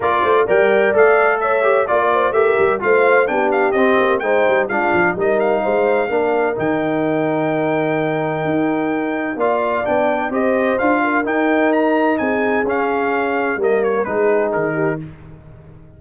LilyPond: <<
  \new Staff \with { instrumentName = "trumpet" } { \time 4/4 \tempo 4 = 128 d''4 g''4 f''4 e''4 | d''4 e''4 f''4 g''8 f''8 | dis''4 g''4 f''4 dis''8 f''8~ | f''2 g''2~ |
g''1 | f''4 g''4 dis''4 f''4 | g''4 ais''4 gis''4 f''4~ | f''4 dis''8 cis''8 b'4 ais'4 | }
  \new Staff \with { instrumentName = "horn" } { \time 4/4 ais'8 c''8 d''2 cis''4 | d''8 c''8 ais'4 c''4 g'4~ | g'4 c''4 f'4 ais'4 | c''4 ais'2.~ |
ais'1 | d''2 c''4. ais'8~ | ais'2 gis'2~ | gis'4 ais'4 gis'4. g'8 | }
  \new Staff \with { instrumentName = "trombone" } { \time 4/4 f'4 ais'4 a'4. g'8 | f'4 g'4 f'4 d'4 | c'4 dis'4 d'4 dis'4~ | dis'4 d'4 dis'2~ |
dis'1 | f'4 d'4 g'4 f'4 | dis'2. cis'4~ | cis'4 ais4 dis'2 | }
  \new Staff \with { instrumentName = "tuba" } { \time 4/4 ais8 a8 g4 a2 | ais4 a8 g8 a4 b4 | c'8 ais8 gis8 g8 gis8 f8 g4 | gis4 ais4 dis2~ |
dis2 dis'2 | ais4 b4 c'4 d'4 | dis'2 c'4 cis'4~ | cis'4 g4 gis4 dis4 | }
>>